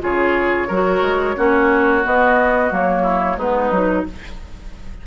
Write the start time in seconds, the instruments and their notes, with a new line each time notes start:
0.00 bassoon C#3, clarinet F4, oboe G#4, flute C#5
0.67 bassoon F#3, clarinet F#4, oboe A#4
1.01 bassoon G#3
1.35 bassoon A#3, clarinet C#4, oboe F#4
2.03 clarinet B3, bassoon B3, flute D#5
2.70 bassoon F#3, clarinet A#3, flute C#5
3.02 oboe E4
3.37 bassoon G#3, clarinet B3, oboe D#4, flute B4
3.71 bassoon F#3, clarinet D#4